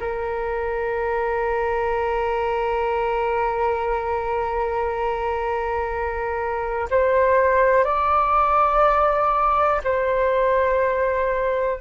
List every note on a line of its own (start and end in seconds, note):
0.00 6.89 A#4
6.90 7.84 C5
7.84 9.81 D5
9.84 11.80 C5